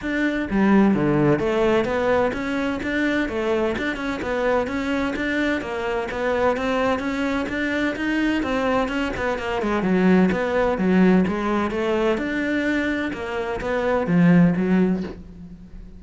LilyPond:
\new Staff \with { instrumentName = "cello" } { \time 4/4 \tempo 4 = 128 d'4 g4 d4 a4 | b4 cis'4 d'4 a4 | d'8 cis'8 b4 cis'4 d'4 | ais4 b4 c'4 cis'4 |
d'4 dis'4 c'4 cis'8 b8 | ais8 gis8 fis4 b4 fis4 | gis4 a4 d'2 | ais4 b4 f4 fis4 | }